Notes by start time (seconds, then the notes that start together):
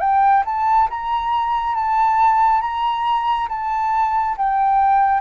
0.00 G5
0.45 A5
0.90 A#5
1.75 A5
2.61 A#5
3.49 A5
4.37 G5